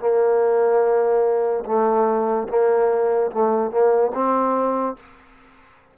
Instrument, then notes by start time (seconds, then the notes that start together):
trombone
0.00 A#3
1.66 A3
2.49 A#3
3.31 A3
3.71 A#3
4.14 C4